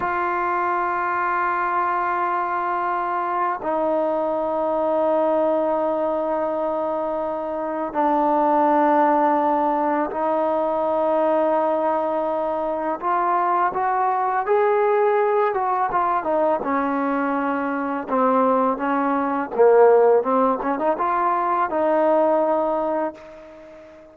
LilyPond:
\new Staff \with { instrumentName = "trombone" } { \time 4/4 \tempo 4 = 83 f'1~ | f'4 dis'2.~ | dis'2. d'4~ | d'2 dis'2~ |
dis'2 f'4 fis'4 | gis'4. fis'8 f'8 dis'8 cis'4~ | cis'4 c'4 cis'4 ais4 | c'8 cis'16 dis'16 f'4 dis'2 | }